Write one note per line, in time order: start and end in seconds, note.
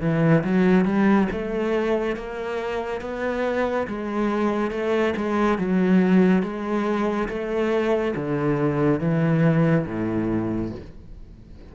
0.00 0.43 E3
0.43 0.85 F#3
0.85 1.27 G3
1.31 2.16 A3
2.16 3.01 A#3
3.01 3.86 B3
3.87 4.71 G#3
4.71 5.14 A3
5.16 5.58 G#3
5.58 6.42 F#3
6.42 7.28 G#3
7.28 8.14 A3
8.15 9.00 D3
9.00 9.85 E3
9.86 10.71 A2